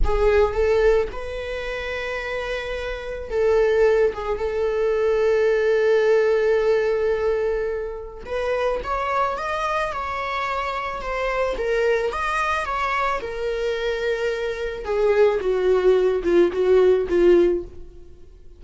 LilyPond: \new Staff \with { instrumentName = "viola" } { \time 4/4 \tempo 4 = 109 gis'4 a'4 b'2~ | b'2 a'4. gis'8 | a'1~ | a'2. b'4 |
cis''4 dis''4 cis''2 | c''4 ais'4 dis''4 cis''4 | ais'2. gis'4 | fis'4. f'8 fis'4 f'4 | }